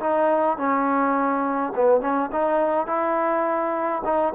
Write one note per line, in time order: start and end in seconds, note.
0.00 0.57 D#4
0.57 1.73 C#4
1.76 2.01 B3
2.01 2.30 C#4
2.32 2.87 D#4
2.87 4.02 E4
4.05 4.33 D#4